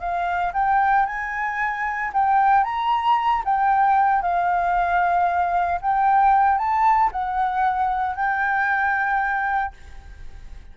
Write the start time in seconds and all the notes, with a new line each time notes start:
0.00 F5
0.53 G5
1.06 G#5
2.13 G5
2.64 A#5
3.45 G5
4.22 F5
5.81 G5
6.58 A5
7.12 F#5
8.16 G5